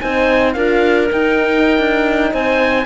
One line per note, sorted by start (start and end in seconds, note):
0.00 0.55 C4
0.00 0.56 D#4
0.00 0.55 C5
0.00 0.53 G#5
0.53 1.10 D4
0.53 1.10 F4
0.53 2.32 A#4
0.53 1.07 F5
1.11 1.78 D#4
1.11 2.86 D#4
1.11 2.34 G5
1.78 2.32 D4
2.32 2.86 C4
2.32 2.86 C5
2.32 2.86 G#5